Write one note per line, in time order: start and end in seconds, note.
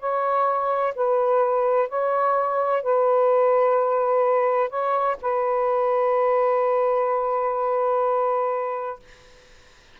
0.00 0.94 C#5
0.95 1.89 B4
1.89 2.83 C#5
2.83 4.70 B4
4.70 5.17 C#5
5.22 9.00 B4